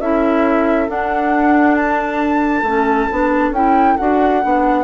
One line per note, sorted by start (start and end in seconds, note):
0.00 0.88 C#4
0.00 0.88 E4
0.00 4.84 A4
0.00 0.89 E5
0.88 2.65 D4
0.88 2.63 D4
0.88 1.75 F#5
1.75 3.52 A5
2.63 3.07 A3
2.63 3.10 C#4
3.10 3.51 B3
3.10 3.54 D4
3.51 3.95 C#4
3.51 3.98 E4
3.51 3.97 G5
3.97 4.44 D4
3.97 4.42 F#4
3.97 4.84 F#5
4.42 4.84 B3
4.42 4.84 D4